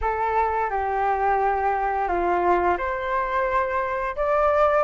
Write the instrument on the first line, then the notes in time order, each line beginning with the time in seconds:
flute
0.01 A4
0.70 G4
2.08 F4
2.77 C5
4.15 D5